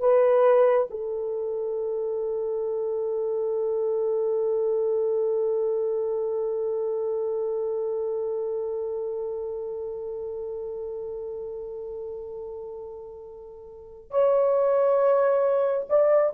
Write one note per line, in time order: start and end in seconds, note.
0.00 0.88 B4
0.90 14.11 A4
14.11 15.87 C#5
15.89 16.34 D5